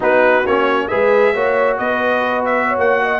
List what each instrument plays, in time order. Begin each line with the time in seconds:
0.00 tuba B3, trombone D#4, horn F#4, trumpet B4
0.46 tuba A#3, trombone C#4, trumpet C#5
0.88 tuba G#3, trombone G#4, horn B4, trumpet E5
1.33 tuba A#3, trombone F#4, horn C#5
1.78 tuba B3, horn B4, trumpet D#5
2.45 trumpet E5
2.67 horn C#5
2.78 tuba A#3, trumpet F#5
3.02 horn D#5